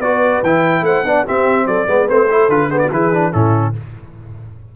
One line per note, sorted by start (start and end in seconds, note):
0.00 0.41 B3
0.00 0.44 F#4
0.00 0.85 B4
0.00 0.42 D5
0.43 0.82 E3
0.43 1.06 E4
0.43 0.85 G5
0.82 1.02 A3
0.82 1.06 C5
0.82 1.26 F#5
1.05 1.25 B3
1.05 1.26 D4
1.05 1.26 D5
1.26 1.87 C4
1.26 1.66 C4
1.26 1.67 G4
1.26 1.67 E5
1.66 1.87 F#3
1.66 1.88 A4
1.66 2.09 D5
1.87 2.08 G#3
1.87 2.08 B3
1.87 2.30 B4
2.08 2.49 A3
2.08 2.28 C4
2.08 2.50 C5
2.31 2.50 E4
2.31 2.69 A4
2.49 2.90 D3
2.49 2.71 F4
2.49 2.71 B4
2.69 2.91 B3
2.69 2.80 G#4
2.69 2.79 C5
2.79 2.92 F#4
2.79 2.89 D5
2.91 3.33 E3
2.91 3.13 E4
2.91 3.32 G#4
2.91 3.33 B4
3.13 3.32 D4
3.32 3.76 A2
3.32 3.73 C#4
3.32 3.73 E4
3.32 3.74 A4